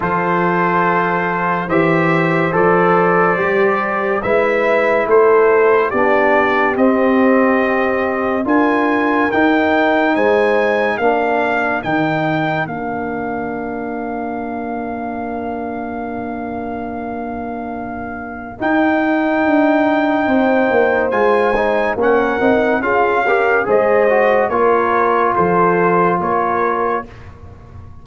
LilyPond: <<
  \new Staff \with { instrumentName = "trumpet" } { \time 4/4 \tempo 4 = 71 c''2 e''4 d''4~ | d''4 e''4 c''4 d''4 | dis''2 gis''4 g''4 | gis''4 f''4 g''4 f''4~ |
f''1~ | f''2 g''2~ | g''4 gis''4 fis''4 f''4 | dis''4 cis''4 c''4 cis''4 | }
  \new Staff \with { instrumentName = "horn" } { \time 4/4 a'2 c''2~ | c''4 b'4 a'4 g'4~ | g'2 ais'2 | c''4 ais'2.~ |
ais'1~ | ais'1 | c''2 ais'4 gis'8 ais'8 | c''4 ais'4 a'4 ais'4 | }
  \new Staff \with { instrumentName = "trombone" } { \time 4/4 f'2 g'4 a'4 | g'4 e'2 d'4 | c'2 f'4 dis'4~ | dis'4 d'4 dis'4 d'4~ |
d'1~ | d'2 dis'2~ | dis'4 f'8 dis'8 cis'8 dis'8 f'8 g'8 | gis'8 fis'8 f'2. | }
  \new Staff \with { instrumentName = "tuba" } { \time 4/4 f2 e4 f4 | g4 gis4 a4 b4 | c'2 d'4 dis'4 | gis4 ais4 dis4 ais4~ |
ais1~ | ais2 dis'4 d'4 | c'8 ais8 gis4 ais8 c'8 cis'4 | gis4 ais4 f4 ais4 | }
>>